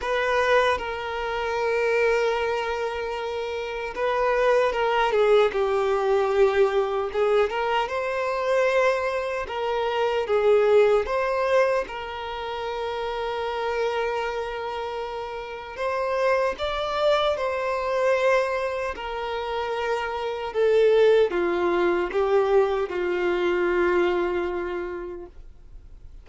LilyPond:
\new Staff \with { instrumentName = "violin" } { \time 4/4 \tempo 4 = 76 b'4 ais'2.~ | ais'4 b'4 ais'8 gis'8 g'4~ | g'4 gis'8 ais'8 c''2 | ais'4 gis'4 c''4 ais'4~ |
ais'1 | c''4 d''4 c''2 | ais'2 a'4 f'4 | g'4 f'2. | }